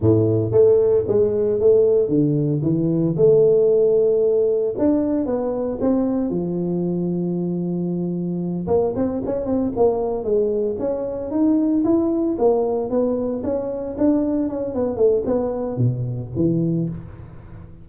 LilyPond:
\new Staff \with { instrumentName = "tuba" } { \time 4/4 \tempo 4 = 114 a,4 a4 gis4 a4 | d4 e4 a2~ | a4 d'4 b4 c'4 | f1~ |
f8 ais8 c'8 cis'8 c'8 ais4 gis8~ | gis8 cis'4 dis'4 e'4 ais8~ | ais8 b4 cis'4 d'4 cis'8 | b8 a8 b4 b,4 e4 | }